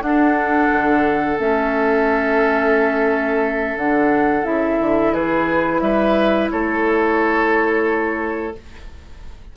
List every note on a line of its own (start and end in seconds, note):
0.00 1.36 D4
0.00 0.69 D4
0.00 1.39 F#5
0.07 5.13 A4
0.73 1.39 D3
1.39 3.77 A3
1.39 3.78 C#4
1.39 3.78 E5
3.77 4.45 D3
3.77 4.43 D4
3.77 4.45 F#5
4.43 4.79 C#3
4.43 8.52 E4
4.43 5.14 E5
4.80 5.13 D3
5.13 5.81 E3
5.13 5.81 G#4
5.13 5.80 B4
5.80 6.49 G3
5.80 6.52 B4
5.80 6.49 E5
6.51 8.57 A3
6.51 8.57 A4
6.51 8.55 C#5